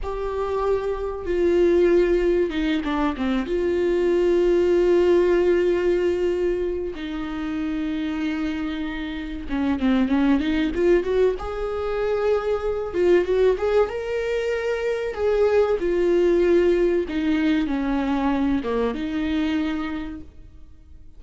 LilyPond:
\new Staff \with { instrumentName = "viola" } { \time 4/4 \tempo 4 = 95 g'2 f'2 | dis'8 d'8 c'8 f'2~ f'8~ | f'2. dis'4~ | dis'2. cis'8 c'8 |
cis'8 dis'8 f'8 fis'8 gis'2~ | gis'8 f'8 fis'8 gis'8 ais'2 | gis'4 f'2 dis'4 | cis'4. ais8 dis'2 | }